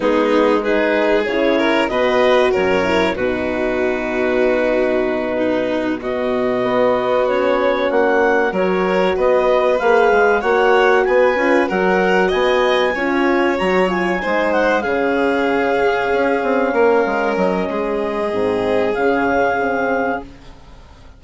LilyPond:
<<
  \new Staff \with { instrumentName = "clarinet" } { \time 4/4 \tempo 4 = 95 gis'4 b'4 cis''4 dis''4 | cis''4 b'2.~ | b'4. dis''2 cis''8~ | cis''8 fis''4 cis''4 dis''4 f''8~ |
f''8 fis''4 gis''4 fis''4 gis''8~ | gis''4. ais''8 gis''4 fis''8 f''8~ | f''2.~ f''8 dis''8~ | dis''2 f''2 | }
  \new Staff \with { instrumentName = "violin" } { \time 4/4 dis'4 gis'4. ais'8 b'4 | ais'4 fis'2.~ | fis'8 dis'4 fis'2~ fis'8~ | fis'4. ais'4 b'4.~ |
b'8 cis''4 b'4 ais'4 dis''8~ | dis''8 cis''2 c''4 gis'8~ | gis'2~ gis'8 ais'4. | gis'1 | }
  \new Staff \with { instrumentName = "horn" } { \time 4/4 b4 dis'4 e'4 fis'4~ | fis'8 e'8 dis'2.~ | dis'4. b2 cis'8~ | cis'4. fis'2 gis'8~ |
gis'8 fis'4. f'8 fis'4.~ | fis'8 f'4 fis'8 f'8 dis'4 cis'8~ | cis'1~ | cis'4 c'4 cis'4 c'4 | }
  \new Staff \with { instrumentName = "bassoon" } { \time 4/4 gis2 cis4 b,4 | fis,4 b,2.~ | b,2~ b,8 b4.~ | b8 ais4 fis4 b4 ais8 |
gis8 ais4 b8 cis'8 fis4 b8~ | b8 cis'4 fis4 gis4 cis8~ | cis4. cis'8 c'8 ais8 gis8 fis8 | gis4 gis,4 cis2 | }
>>